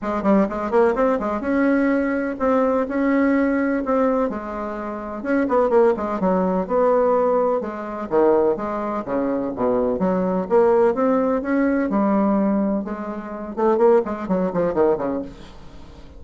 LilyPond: \new Staff \with { instrumentName = "bassoon" } { \time 4/4 \tempo 4 = 126 gis8 g8 gis8 ais8 c'8 gis8 cis'4~ | cis'4 c'4 cis'2 | c'4 gis2 cis'8 b8 | ais8 gis8 fis4 b2 |
gis4 dis4 gis4 cis4 | b,4 fis4 ais4 c'4 | cis'4 g2 gis4~ | gis8 a8 ais8 gis8 fis8 f8 dis8 cis8 | }